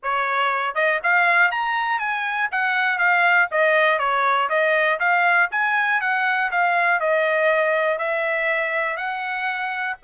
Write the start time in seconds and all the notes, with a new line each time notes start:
0.02 C#5
0.75 D#5
1.03 F5
1.51 A#5
1.99 G#5
2.51 F#5
2.98 F5
3.51 D#5
3.98 C#5
4.49 D#5
4.99 F5
5.51 G#5
6.00 F#5
6.51 F5
7.00 D#5
7.98 E5
8.96 F#5